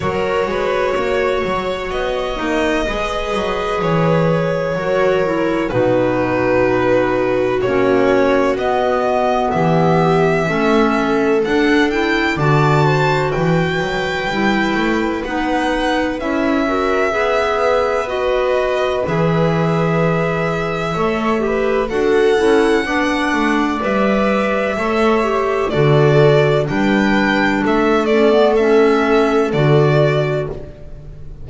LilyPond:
<<
  \new Staff \with { instrumentName = "violin" } { \time 4/4 \tempo 4 = 63 cis''2 dis''2 | cis''2 b'2 | cis''4 dis''4 e''2 | fis''8 g''8 a''4 g''2 |
fis''4 e''2 dis''4 | e''2. fis''4~ | fis''4 e''2 d''4 | g''4 e''8 d''8 e''4 d''4 | }
  \new Staff \with { instrumentName = "viola" } { \time 4/4 ais'8 b'8 cis''2 b'4~ | b'4 ais'4 fis'2~ | fis'2 g'4 a'4~ | a'4 d''8 c''8 b'2~ |
b'4. ais'8 b'2~ | b'2 cis''8 b'8 a'4 | d''2 cis''4 a'4 | b'4 a'2. | }
  \new Staff \with { instrumentName = "clarinet" } { \time 4/4 fis'2~ fis'8 dis'8 gis'4~ | gis'4 fis'8 e'8 dis'2 | cis'4 b2 cis'4 | d'8 e'8 fis'2 e'4 |
dis'4 e'8 fis'8 gis'4 fis'4 | gis'2 a'8 g'8 fis'8 e'8 | d'4 b'4 a'8 g'8 fis'4 | d'4. cis'16 b16 cis'4 fis'4 | }
  \new Staff \with { instrumentName = "double bass" } { \time 4/4 fis8 gis8 ais8 fis8 b8 ais8 gis8 fis8 | e4 fis4 b,2 | ais4 b4 e4 a4 | d'4 d4 e8 fis8 g8 a8 |
b4 cis'4 b2 | e2 a4 d'8 cis'8 | b8 a8 g4 a4 d4 | g4 a2 d4 | }
>>